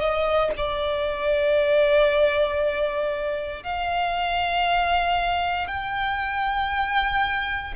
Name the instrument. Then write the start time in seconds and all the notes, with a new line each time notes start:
violin
0.00 D#5
0.57 D5
3.63 F5
5.67 G5